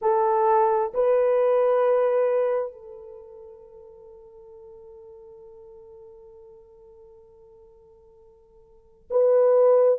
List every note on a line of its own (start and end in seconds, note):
0.01 0.92 A4
0.93 2.72 B4
2.72 9.09 A4
9.10 9.99 B4